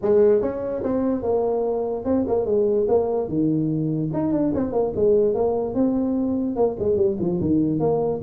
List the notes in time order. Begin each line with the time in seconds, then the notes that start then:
0.02 G#3
0.41 C#4
0.83 C4
1.22 A#3
2.05 C4
2.27 A#3
2.45 G#3
2.88 A#3
3.28 D#3
4.13 D#4
4.32 D4
4.54 C4
4.72 A#3
4.95 G#3
5.34 A#3
5.74 C4
6.55 A#3
6.79 G#3
6.96 G3
7.19 F3
7.41 D#3
7.79 A#3